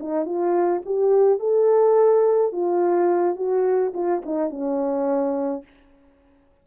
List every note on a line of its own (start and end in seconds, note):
0.00 0.25 D#4
0.25 0.82 F4
0.86 1.40 G4
1.40 2.52 A4
2.52 3.36 F4
3.36 3.93 F#4
3.94 4.22 F4
4.26 4.51 D#4
4.51 5.64 C#4